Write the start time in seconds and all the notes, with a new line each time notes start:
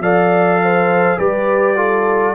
0.00 F3 A4 D5 F5
0.63 C5
1.18 G3 G4 B4 D5
1.77 F4 A4